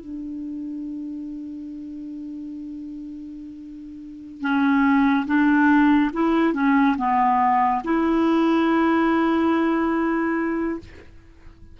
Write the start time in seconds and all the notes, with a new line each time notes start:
0.00 D4
4.41 C#4
5.27 D4
6.13 E4
6.54 C#4
6.98 B3
7.84 E4